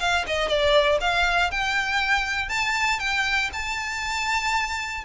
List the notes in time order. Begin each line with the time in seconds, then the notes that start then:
0.00 F5
0.27 D#5
0.48 D5
1.00 F5
1.51 G5
2.49 A5
3.00 G5
3.53 A5